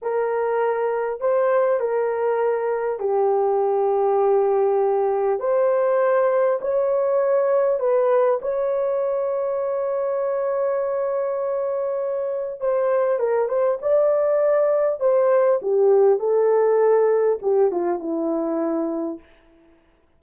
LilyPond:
\new Staff \with { instrumentName = "horn" } { \time 4/4 \tempo 4 = 100 ais'2 c''4 ais'4~ | ais'4 g'2.~ | g'4 c''2 cis''4~ | cis''4 b'4 cis''2~ |
cis''1~ | cis''4 c''4 ais'8 c''8 d''4~ | d''4 c''4 g'4 a'4~ | a'4 g'8 f'8 e'2 | }